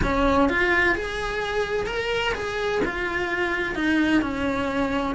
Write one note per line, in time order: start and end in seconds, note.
0.02 0.49 C#4
0.49 0.95 F4
0.95 1.86 G#4
1.86 2.33 A#4
2.34 2.81 G#4
2.84 3.75 F4
3.75 4.21 D#4
4.21 5.15 C#4